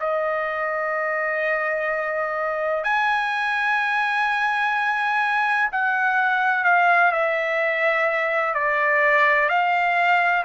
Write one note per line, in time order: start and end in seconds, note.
0.00 2.84 D#5
2.84 5.70 G#5
5.72 6.65 F#5
6.65 7.12 F5
7.12 8.55 E5
8.55 9.49 D5
9.49 10.45 F5